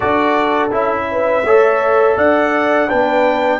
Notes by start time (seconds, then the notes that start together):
0.00 D4 F#4 A4 D5
0.70 C#4 E4 E5
1.11 B4
1.44 A3 A4 C#5
2.16 D4 D5 F#5
2.88 B3 D4 B4 G5